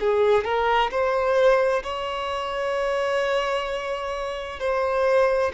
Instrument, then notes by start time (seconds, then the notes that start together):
violin
0.00 G#4
0.44 A#4
0.91 C5
1.83 C#5
4.59 C5